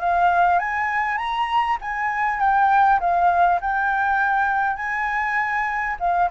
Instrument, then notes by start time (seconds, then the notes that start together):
flute
0.00 F5
0.59 G#5
1.17 A#5
1.81 G#5
2.39 G5
3.00 F5
3.61 G5
4.76 G#5
5.99 F5